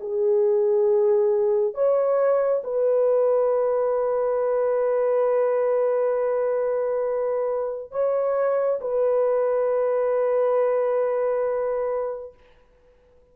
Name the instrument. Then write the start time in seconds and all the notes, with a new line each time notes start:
horn
0.00 G#4
1.74 C#5
2.64 B4
7.91 C#5
8.80 B4